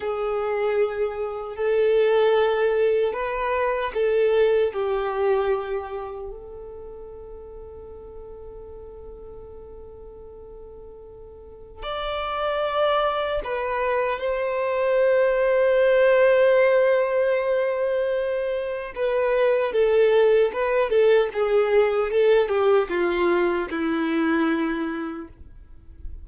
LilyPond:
\new Staff \with { instrumentName = "violin" } { \time 4/4 \tempo 4 = 76 gis'2 a'2 | b'4 a'4 g'2 | a'1~ | a'2. d''4~ |
d''4 b'4 c''2~ | c''1 | b'4 a'4 b'8 a'8 gis'4 | a'8 g'8 f'4 e'2 | }